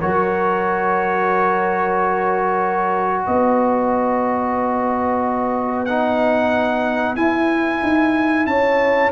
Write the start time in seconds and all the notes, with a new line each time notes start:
0.00 F#3 F#4 A#4 C#5
3.25 B3 B4 D#5
5.85 D#4 F#5
7.16 E4 G#5
7.82 D#4
8.46 C#4 C#5 A5